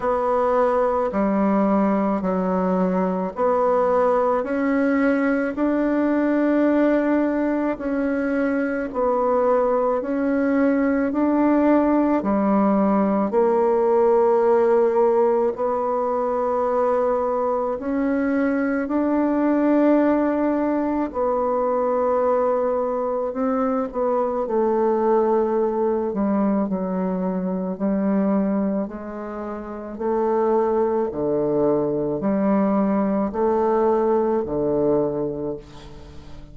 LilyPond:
\new Staff \with { instrumentName = "bassoon" } { \time 4/4 \tempo 4 = 54 b4 g4 fis4 b4 | cis'4 d'2 cis'4 | b4 cis'4 d'4 g4 | ais2 b2 |
cis'4 d'2 b4~ | b4 c'8 b8 a4. g8 | fis4 g4 gis4 a4 | d4 g4 a4 d4 | }